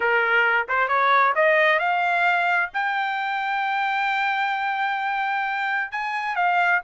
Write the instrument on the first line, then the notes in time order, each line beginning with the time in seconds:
trumpet
0.00 A#4
0.68 C5
0.88 C#5
1.35 D#5
1.79 F5
2.73 G5
5.91 G#5
6.35 F5